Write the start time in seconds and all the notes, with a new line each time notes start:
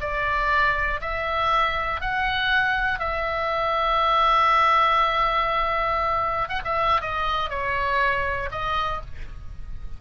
0.00 D5
1.00 E5
2.00 F#5
2.99 E5
6.49 F#5
6.64 E5
7.01 D#5
7.49 C#5
8.51 D#5